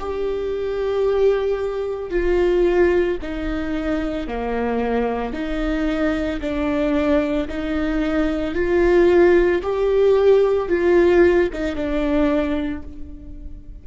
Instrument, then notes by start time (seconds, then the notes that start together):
viola
0.00 G4
2.10 F4
3.22 D#4
4.28 A#3
5.33 D#4
6.41 D4
7.49 D#4
8.55 F4
9.62 G4
10.69 F4
11.53 D#4
11.76 D4